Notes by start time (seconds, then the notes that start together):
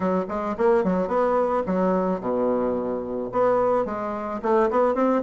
0.00 F#3
0.28 G#3
0.57 A#3
0.84 F#3
1.07 B3
1.66 F#3
2.20 B2
3.32 B3
3.85 G#3
4.42 A3
4.70 B3
4.94 C4